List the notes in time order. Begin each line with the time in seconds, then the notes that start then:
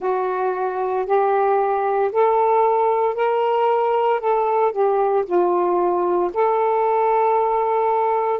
0.00 F#4
1.05 G4
2.11 A4
3.14 A#4
4.20 A4
4.72 G4
5.25 F4
6.33 A4